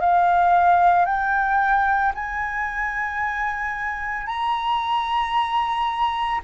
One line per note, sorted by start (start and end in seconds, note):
0.00 1.05 F5
1.05 2.12 G5
2.14 4.26 G#5
4.26 6.40 A#5